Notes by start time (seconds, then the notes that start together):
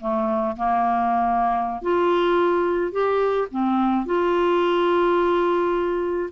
0.00 A3
0.57 A#3
1.82 F4
2.92 G4
3.51 C4
4.06 F4